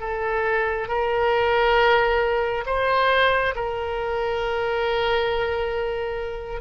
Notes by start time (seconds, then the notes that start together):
0.00 A4
0.88 A#4
2.66 C5
3.55 A#4